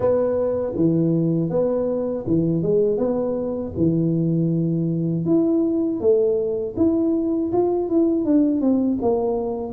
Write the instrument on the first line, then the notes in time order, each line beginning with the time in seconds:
tuba
0.00 B3
0.75 E3
1.49 B3
2.26 E3
2.62 G#3
2.97 B3
3.77 E3
5.25 E4
6.00 A3
6.76 E4
7.52 F4
7.89 E4
8.25 D4
8.60 C4
9.01 A#3